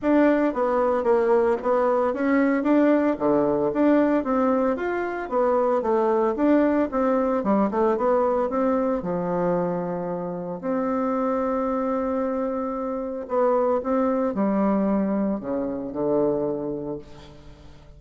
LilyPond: \new Staff \with { instrumentName = "bassoon" } { \time 4/4 \tempo 4 = 113 d'4 b4 ais4 b4 | cis'4 d'4 d4 d'4 | c'4 f'4 b4 a4 | d'4 c'4 g8 a8 b4 |
c'4 f2. | c'1~ | c'4 b4 c'4 g4~ | g4 cis4 d2 | }